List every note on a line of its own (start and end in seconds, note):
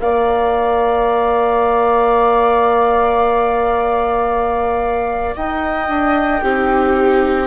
0.00 5.36 A#3
0.00 6.44 A#4
0.00 5.35 D5
0.00 5.36 F5
5.35 5.88 D#4
5.35 6.42 D#5
5.35 7.48 G5
5.88 6.42 D4
6.42 7.48 C4
6.42 7.48 D#4
6.42 7.48 G4